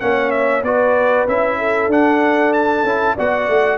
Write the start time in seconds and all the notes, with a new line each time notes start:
0.00 A#3 C#4 C#5 F#5
0.30 E5
0.63 B3 F#4 B4 D5
1.27 C#4 E4 E5
1.58 A4
1.87 D4 F#5
2.53 A5
2.84 C#4 E4
3.16 B3 F#4 D5 F#5
3.48 A3